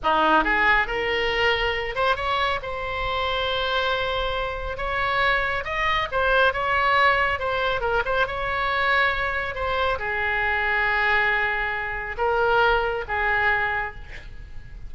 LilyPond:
\new Staff \with { instrumentName = "oboe" } { \time 4/4 \tempo 4 = 138 dis'4 gis'4 ais'2~ | ais'8 c''8 cis''4 c''2~ | c''2. cis''4~ | cis''4 dis''4 c''4 cis''4~ |
cis''4 c''4 ais'8 c''8 cis''4~ | cis''2 c''4 gis'4~ | gis'1 | ais'2 gis'2 | }